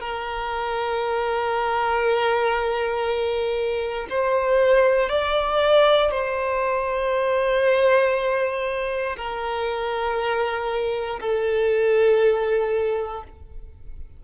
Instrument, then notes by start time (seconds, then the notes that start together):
violin
0.00 A#4
4.10 C5
5.09 D5
6.11 C5
9.16 A#4
11.20 A4